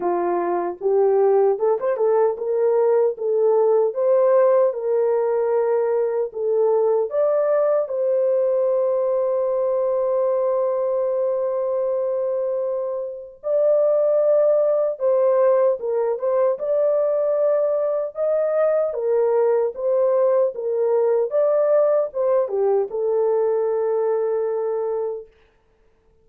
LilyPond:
\new Staff \with { instrumentName = "horn" } { \time 4/4 \tempo 4 = 76 f'4 g'4 a'16 c''16 a'8 ais'4 | a'4 c''4 ais'2 | a'4 d''4 c''2~ | c''1~ |
c''4 d''2 c''4 | ais'8 c''8 d''2 dis''4 | ais'4 c''4 ais'4 d''4 | c''8 g'8 a'2. | }